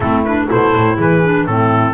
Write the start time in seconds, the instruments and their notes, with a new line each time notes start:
0.00 double bass A3, clarinet C4, horn E4, trumpet A4
0.24 clarinet D4, trumpet B4
0.48 double bass B2, clarinet E4, horn A4, trumpet C5
0.75 double bass A2
0.96 double bass E3, horn G#4, trumpet B4
1.23 clarinet D4
1.46 double bass A2, clarinet C4, horn E4, trumpet A4